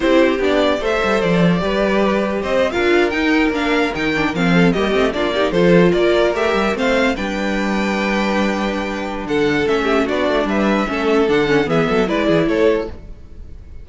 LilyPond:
<<
  \new Staff \with { instrumentName = "violin" } { \time 4/4 \tempo 4 = 149 c''4 d''4 e''4 d''4~ | d''2 dis''8. f''4 g''16~ | g''8. f''4 g''4 f''4 dis''16~ | dis''8. d''4 c''4 d''4 e''16~ |
e''8. f''4 g''2~ g''16~ | g''2. fis''4 | e''4 d''4 e''2 | fis''4 e''4 d''4 cis''4 | }
  \new Staff \with { instrumentName = "violin" } { \time 4/4 g'2 c''2 | b'2 c''8. ais'4~ ais'16~ | ais'2.~ ais'16 a'8 g'16~ | g'8. f'8 g'8 a'4 ais'4~ ais'16~ |
ais'8. c''4 b'2~ b'16~ | b'2. a'4~ | a'8 g'8 fis'4 b'4 a'4~ | a'4 gis'8 a'8 b'8 gis'8 a'4 | }
  \new Staff \with { instrumentName = "viola" } { \time 4/4 e'4 d'4 a'2 | g'2~ g'8. f'4 dis'16~ | dis'8. d'4 dis'8 d'8 c'4 ais16~ | ais16 c'8 d'8 dis'8 f'2 g'16~ |
g'8. c'4 d'2~ d'16~ | d'1 | cis'4 d'2 cis'4 | d'8 cis'8 b4 e'2 | }
  \new Staff \with { instrumentName = "cello" } { \time 4/4 c'4 b4 a8 g8 f4 | g2 c'8. d'4 dis'16~ | dis'8. ais4 dis4 f4 g16~ | g16 a8 ais4 f4 ais4 a16~ |
a16 g8 a4 g2~ g16~ | g2. d4 | a4 b8 a8 g4 a4 | d4 e8 fis8 gis8 e8 a4 | }
>>